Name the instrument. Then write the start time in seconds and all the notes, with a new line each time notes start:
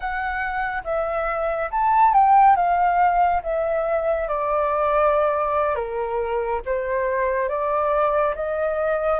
flute
0.00 F#5
0.84 E5
1.70 A5
2.13 G5
2.56 F5
3.42 E5
4.27 D5
5.75 A#4
6.65 C5
7.48 D5
8.35 D#5